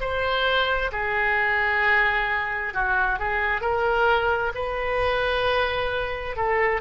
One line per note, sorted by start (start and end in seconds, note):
0.00 0.91 C5
0.92 2.74 G#4
2.74 3.19 F#4
3.19 3.61 G#4
3.61 4.52 A#4
4.55 6.36 B4
6.36 6.81 A4